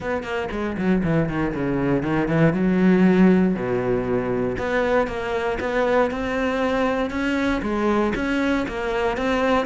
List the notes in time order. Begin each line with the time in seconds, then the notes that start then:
0.00 B3
0.23 A#3
0.51 G#3
0.77 F#3
1.03 E3
1.28 D#3
1.55 C#3
2.02 D#3
2.27 E3
2.53 F#3
3.55 B2
4.58 B3
5.07 A#3
5.60 B3
6.11 C4
7.10 C#4
7.62 G#3
8.15 C#4
8.68 A#3
9.17 C4